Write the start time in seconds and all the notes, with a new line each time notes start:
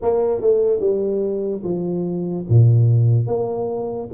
0.01 A#3
0.40 A3
0.80 G3
1.63 F3
2.49 A#2
3.27 A#3